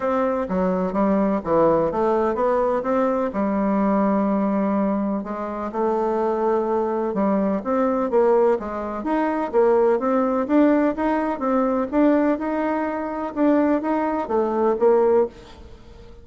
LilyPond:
\new Staff \with { instrumentName = "bassoon" } { \time 4/4 \tempo 4 = 126 c'4 fis4 g4 e4 | a4 b4 c'4 g4~ | g2. gis4 | a2. g4 |
c'4 ais4 gis4 dis'4 | ais4 c'4 d'4 dis'4 | c'4 d'4 dis'2 | d'4 dis'4 a4 ais4 | }